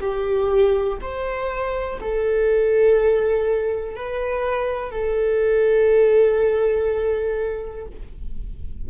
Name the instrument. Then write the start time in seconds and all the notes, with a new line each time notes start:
viola
0.00 G4
1.01 C5
2.01 A4
3.95 B4
4.91 A4